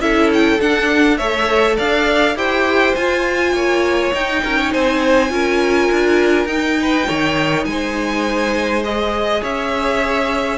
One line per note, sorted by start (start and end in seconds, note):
0.00 0.59 C#4
0.00 0.59 E4
0.00 1.17 A4
0.00 0.30 E5
0.33 0.61 G5
0.61 1.19 D4
0.61 1.20 D4
0.61 1.18 F#5
1.17 1.78 A3
1.17 2.36 A4
1.17 1.76 C#5
1.17 1.76 E5
1.76 2.35 D4
1.76 2.35 D5
1.76 2.37 F5
2.35 2.94 E4
2.35 2.95 G4
2.35 3.54 C5
2.35 2.95 G5
2.95 3.53 F4
2.95 4.13 F4
2.95 4.13 G#5
3.53 4.11 A#3
3.53 4.42 C#5
4.13 5.29 D#4
4.13 4.43 D#4
4.13 4.73 G5
4.43 4.74 C#4
4.43 4.57 A#4
4.57 4.72 C#5
4.72 5.30 C4
4.72 5.30 C5
4.72 6.47 G#5
5.29 5.89 C#4
5.29 6.46 F4
5.29 6.79 A#4
5.92 6.45 D4
6.45 7.04 D#4
6.45 8.84 D#4
6.45 7.64 G5
6.81 7.07 B4
7.07 7.65 D#3
7.07 7.66 C#5
7.65 9.41 G#3
7.65 9.41 C5
7.65 8.83 G#5
8.84 10.58 G#4
8.84 9.43 D#5
9.41 10.58 C#4
9.41 10.58 C#5
9.41 10.58 E5